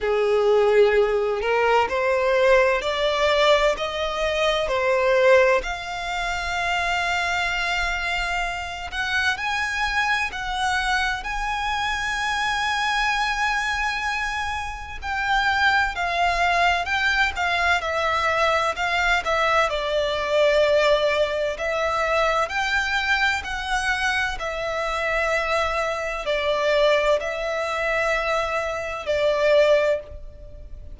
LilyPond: \new Staff \with { instrumentName = "violin" } { \time 4/4 \tempo 4 = 64 gis'4. ais'8 c''4 d''4 | dis''4 c''4 f''2~ | f''4. fis''8 gis''4 fis''4 | gis''1 |
g''4 f''4 g''8 f''8 e''4 | f''8 e''8 d''2 e''4 | g''4 fis''4 e''2 | d''4 e''2 d''4 | }